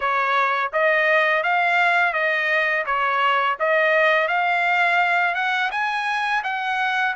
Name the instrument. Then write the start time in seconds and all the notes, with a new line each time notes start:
trumpet
0.00 C#5
0.72 D#5
1.43 F5
2.13 D#5
2.86 C#5
3.59 D#5
4.28 F5
5.34 F#5
5.71 G#5
6.43 F#5